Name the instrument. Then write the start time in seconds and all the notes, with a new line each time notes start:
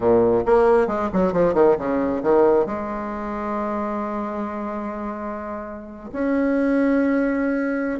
bassoon
0.00 A#2
0.45 A#3
0.87 G#3
1.12 F#3
1.32 F3
1.54 D#3
1.78 C#3
2.23 D#3
2.65 G#3
6.12 C#4